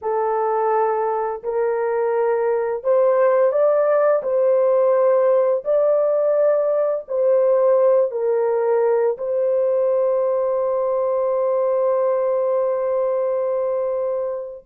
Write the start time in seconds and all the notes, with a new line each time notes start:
0.01 A4
1.43 A#4
2.83 C5
3.51 D5
4.23 C5
5.64 D5
7.07 C5
8.11 A#4
9.17 C5